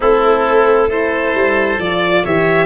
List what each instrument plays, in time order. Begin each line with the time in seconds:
0.00 tuba A3, horn C4, oboe E4, violin A4
0.88 horn E4, oboe A4, violin C5
1.33 tuba G3
1.78 tuba F3, horn F4, violin D5
2.23 tuba E3, horn G4, oboe C#5, violin E5